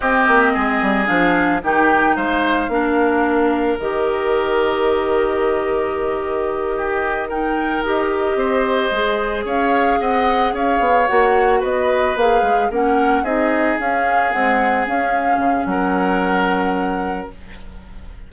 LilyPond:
<<
  \new Staff \with { instrumentName = "flute" } { \time 4/4 \tempo 4 = 111 dis''2 f''4 g''4 | f''2. dis''4~ | dis''1~ | dis''4. g''4 dis''4.~ |
dis''4. f''4 fis''4 f''8~ | f''8 fis''4 dis''4 f''4 fis''8~ | fis''8 dis''4 f''4 fis''4 f''8~ | f''4 fis''2. | }
  \new Staff \with { instrumentName = "oboe" } { \time 4/4 g'4 gis'2 g'4 | c''4 ais'2.~ | ais'1~ | ais'8 g'4 ais'2 c''8~ |
c''4. cis''4 dis''4 cis''8~ | cis''4. b'2 ais'8~ | ais'8 gis'2.~ gis'8~ | gis'4 ais'2. | }
  \new Staff \with { instrumentName = "clarinet" } { \time 4/4 c'2 d'4 dis'4~ | dis'4 d'2 g'4~ | g'1~ | g'4. dis'4 g'4.~ |
g'8 gis'2.~ gis'8~ | gis'8 fis'2 gis'4 cis'8~ | cis'8 dis'4 cis'4 gis4 cis'8~ | cis'1 | }
  \new Staff \with { instrumentName = "bassoon" } { \time 4/4 c'8 ais8 gis8 g8 f4 dis4 | gis4 ais2 dis4~ | dis1~ | dis2~ dis8 dis'4 c'8~ |
c'8 gis4 cis'4 c'4 cis'8 | b8 ais4 b4 ais8 gis8 ais8~ | ais8 c'4 cis'4 c'4 cis'8~ | cis'8 cis8 fis2. | }
>>